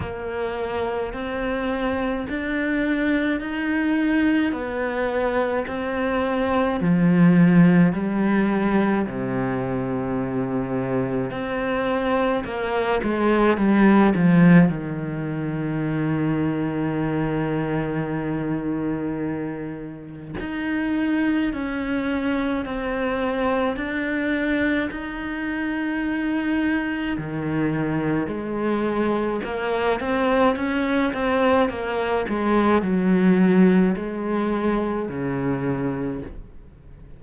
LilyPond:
\new Staff \with { instrumentName = "cello" } { \time 4/4 \tempo 4 = 53 ais4 c'4 d'4 dis'4 | b4 c'4 f4 g4 | c2 c'4 ais8 gis8 | g8 f8 dis2.~ |
dis2 dis'4 cis'4 | c'4 d'4 dis'2 | dis4 gis4 ais8 c'8 cis'8 c'8 | ais8 gis8 fis4 gis4 cis4 | }